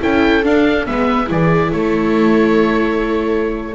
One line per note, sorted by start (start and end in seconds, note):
0.00 0.44 C#4
0.00 0.43 E4
0.00 0.86 A4
0.00 0.44 G5
0.43 0.86 D4
0.43 0.87 D4
0.43 0.86 F5
0.86 1.30 G#3
0.86 1.26 B3
0.86 1.29 B4
0.86 1.29 E5
1.26 1.72 E3
1.26 3.73 E4
1.26 1.73 G#4
1.26 1.71 D5
1.71 3.74 A3
1.71 3.74 A4
1.71 3.74 C#5